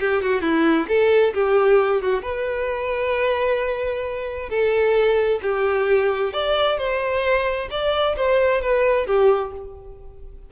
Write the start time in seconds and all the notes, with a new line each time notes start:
0.00 G4
0.22 F#4
0.42 E4
0.88 A4
1.34 G4
2.02 F#4
2.23 B4
4.50 A4
5.42 G4
6.33 D5
6.78 C5
7.71 D5
8.17 C5
8.61 B4
9.07 G4